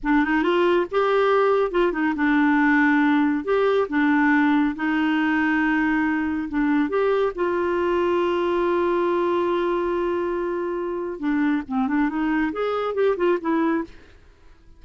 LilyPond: \new Staff \with { instrumentName = "clarinet" } { \time 4/4 \tempo 4 = 139 d'8 dis'8 f'4 g'2 | f'8 dis'8 d'2. | g'4 d'2 dis'4~ | dis'2. d'4 |
g'4 f'2.~ | f'1~ | f'2 d'4 c'8 d'8 | dis'4 gis'4 g'8 f'8 e'4 | }